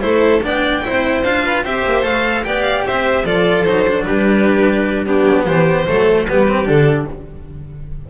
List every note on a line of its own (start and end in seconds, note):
0.00 0.43 A3
0.00 0.40 E4
0.00 0.45 A4
0.00 0.41 C5
0.42 0.84 B3
0.42 0.83 D4
0.42 0.85 D5
0.42 1.23 G5
0.83 1.23 C4
0.83 1.23 E4
0.83 1.44 C5
1.23 1.63 D4
1.23 1.64 F4
1.23 1.63 F5
1.44 1.63 B4
1.63 1.83 C4
1.63 2.02 G4
1.63 2.44 C5
1.63 2.04 E5
1.86 2.04 A#3
2.02 2.44 A3
2.02 2.43 A4
2.02 2.43 F5
2.43 2.86 B3
2.43 3.24 G4
2.43 2.86 D5
2.43 2.62 G5
2.62 2.82 F5
2.86 3.24 C4
2.86 3.25 C5
2.86 3.26 E5
3.24 3.65 F3
3.24 3.65 F4
3.24 4.05 A4
3.24 3.63 D5
3.63 4.06 F#3
3.63 3.86 D#4
3.63 4.03 C5
3.87 5.06 D4
4.04 5.26 G3
4.04 5.06 G4
4.04 5.04 B4
5.06 5.86 B3
5.06 5.46 D4
5.06 5.45 G4
5.26 5.46 F#3
5.45 5.87 E3
5.45 5.87 G4
5.45 6.25 C5
5.87 6.29 F#3
5.87 6.27 A3
5.87 6.27 A4
6.27 6.67 G3
6.27 6.48 B3
6.27 7.10 G4
6.27 6.67 B4
6.48 6.65 C4
6.65 7.08 D3
6.65 7.05 D4
6.65 7.08 A4